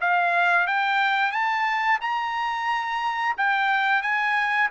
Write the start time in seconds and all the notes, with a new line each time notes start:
0.00 F5
0.66 G5
1.31 A5
2.00 A#5
3.37 G5
4.02 G#5